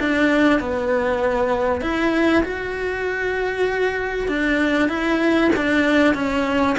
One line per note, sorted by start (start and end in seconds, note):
0.00 0.60 D4
0.60 1.82 B3
1.82 2.43 E4
2.44 4.28 F#4
4.28 4.89 D4
4.89 5.51 E4
5.56 6.15 D4
6.15 6.77 C#4